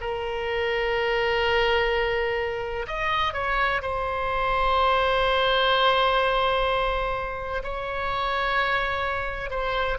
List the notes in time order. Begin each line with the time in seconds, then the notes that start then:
0.00 A#4
2.87 D#5
3.33 C#5
3.81 C5
7.63 C#5
9.50 C5